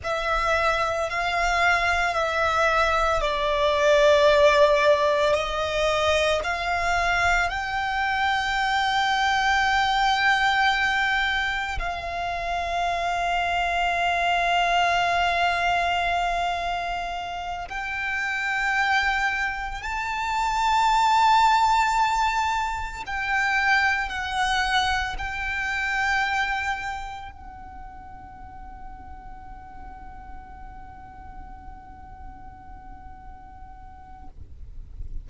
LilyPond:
\new Staff \with { instrumentName = "violin" } { \time 4/4 \tempo 4 = 56 e''4 f''4 e''4 d''4~ | d''4 dis''4 f''4 g''4~ | g''2. f''4~ | f''1~ |
f''8 g''2 a''4.~ | a''4. g''4 fis''4 g''8~ | g''4. fis''2~ fis''8~ | fis''1 | }